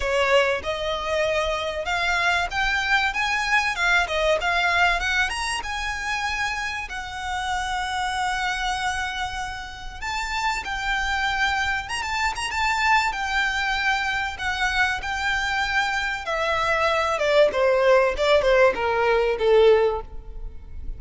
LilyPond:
\new Staff \with { instrumentName = "violin" } { \time 4/4 \tempo 4 = 96 cis''4 dis''2 f''4 | g''4 gis''4 f''8 dis''8 f''4 | fis''8 ais''8 gis''2 fis''4~ | fis''1 |
a''4 g''2 ais''16 a''8 ais''16 | a''4 g''2 fis''4 | g''2 e''4. d''8 | c''4 d''8 c''8 ais'4 a'4 | }